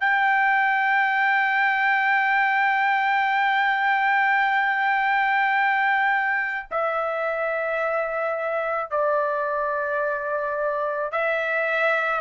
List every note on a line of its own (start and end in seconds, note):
0.00 6.67 G5
6.71 8.91 E5
8.91 11.12 D5
11.12 12.21 E5